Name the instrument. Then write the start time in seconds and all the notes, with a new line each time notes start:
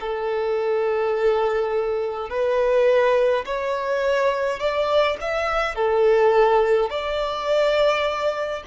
violin
0.00 A4
2.29 B4
3.45 C#5
4.59 D5
5.20 E5
5.75 A4
6.90 D5